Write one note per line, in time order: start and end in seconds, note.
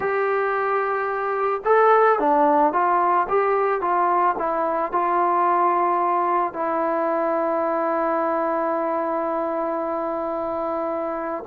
0.00 1.61 G4
1.64 2.19 A4
2.19 2.72 D4
2.72 3.27 F4
3.29 3.81 G4
3.81 4.35 F4
4.38 4.92 E4
4.92 6.53 F4
6.53 11.44 E4